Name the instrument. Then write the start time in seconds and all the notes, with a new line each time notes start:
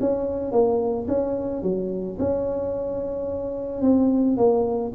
tuba
0.00 C#4
0.52 A#3
1.08 C#4
1.63 F#3
2.19 C#4
3.82 C4
4.37 A#3